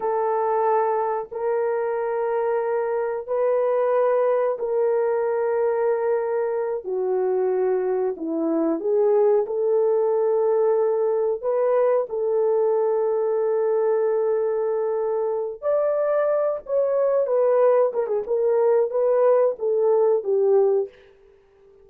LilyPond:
\new Staff \with { instrumentName = "horn" } { \time 4/4 \tempo 4 = 92 a'2 ais'2~ | ais'4 b'2 ais'4~ | ais'2~ ais'8 fis'4.~ | fis'8 e'4 gis'4 a'4.~ |
a'4. b'4 a'4.~ | a'1 | d''4. cis''4 b'4 ais'16 gis'16 | ais'4 b'4 a'4 g'4 | }